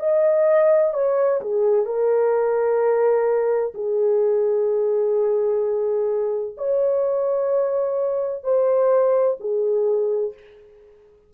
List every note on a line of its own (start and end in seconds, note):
0.00 0.94 D#5
0.94 1.41 C#5
1.41 1.86 G#4
1.86 3.73 A#4
3.75 6.56 G#4
6.58 8.44 C#5
8.44 9.37 C5
9.40 10.34 G#4